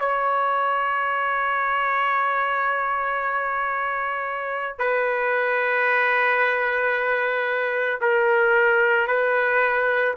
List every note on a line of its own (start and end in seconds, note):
0.00 4.79 C#5
4.79 8.00 B4
8.01 9.08 A#4
9.08 10.15 B4